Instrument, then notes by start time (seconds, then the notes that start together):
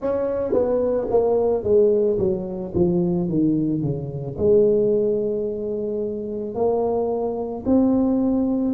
tuba
0.01 C#4
0.53 B3
1.10 A#3
1.63 G#3
2.18 F#3
2.74 F3
3.28 D#3
3.81 C#3
4.37 G#3
6.55 A#3
7.65 C4